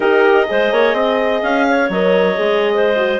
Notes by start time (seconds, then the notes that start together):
0.00 D#4 G4 A#4 D#5
0.46 G#3 G#4 C5
0.71 A#3 C#5
0.93 C4 D#5
1.42 C#4 F5
1.69 C#5
1.89 F#3 A#4 D#5
2.35 G#3 G#4
2.74 C5
2.96 F#4